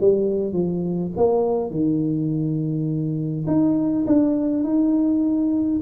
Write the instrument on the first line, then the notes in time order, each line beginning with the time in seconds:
tuba
0.00 G3
0.53 F3
1.16 A#3
1.70 D#3
3.47 D#4
4.06 D4
4.63 D#4